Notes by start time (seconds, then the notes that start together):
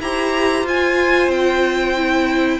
0.00 E4 G4 C5 A#5
0.63 F4 G#5
1.28 C4 G5
1.96 E4